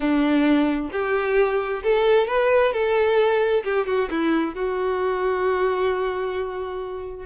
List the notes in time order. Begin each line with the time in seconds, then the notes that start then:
0.00 D4
0.92 G4
1.83 A4
2.27 B4
2.73 A4
3.63 G4
3.86 F#4
4.10 E4
4.55 F#4